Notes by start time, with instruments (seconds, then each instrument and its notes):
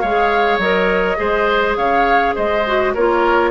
0.00 bassoon G#3, clarinet G#4, oboe C#5, flute F5
0.58 bassoon F#3, clarinet A#4, flute D#5
1.16 bassoon G#3, clarinet G#4, oboe C5
1.76 bassoon C#3, oboe C#5, flute F5
2.35 bassoon G#3, oboe C5, flute D#5
2.66 clarinet F#4
2.94 bassoon A#3, clarinet F4, oboe A#4, flute C#5